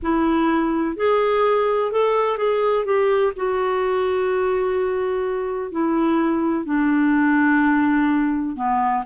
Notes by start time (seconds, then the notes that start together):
0.02 E4
0.96 G#4
1.91 A4
2.37 G#4
2.85 G4
3.35 F#4
5.71 E4
6.65 D4
8.56 B3